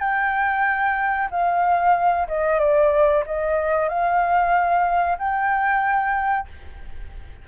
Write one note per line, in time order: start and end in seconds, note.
0.00 1.29 G5
1.31 2.28 F5
2.28 2.60 D#5
2.60 3.24 D5
3.26 3.89 D#5
3.89 5.18 F5
5.19 6.48 G5